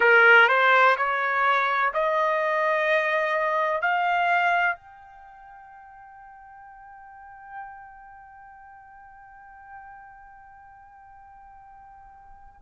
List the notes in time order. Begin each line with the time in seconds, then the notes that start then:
0.00 A#4
0.48 C5
0.97 C#5
1.93 D#5
3.81 F5
4.75 G5